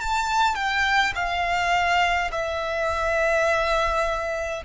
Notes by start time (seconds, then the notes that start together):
0.00 A5
0.55 G5
1.15 F5
2.31 E5